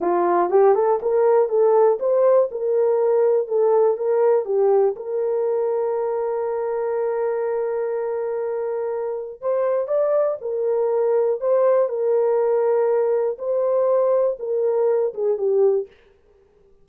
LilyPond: \new Staff \with { instrumentName = "horn" } { \time 4/4 \tempo 4 = 121 f'4 g'8 a'8 ais'4 a'4 | c''4 ais'2 a'4 | ais'4 g'4 ais'2~ | ais'1~ |
ais'2. c''4 | d''4 ais'2 c''4 | ais'2. c''4~ | c''4 ais'4. gis'8 g'4 | }